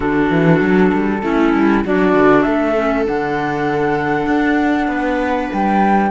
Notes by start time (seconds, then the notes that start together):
0.00 D3 D4 F#4 A4
0.30 E3
0.60 F#3
0.92 G3
1.22 A3 C#4 E4
1.53 G3
1.84 F#3 D4 F#4 D5
2.14 D3
2.42 A3 A4 E5
2.75 C#4
3.05 D3 D4 F#5
4.26 D4
4.87 B3 B4
5.52 G3 G5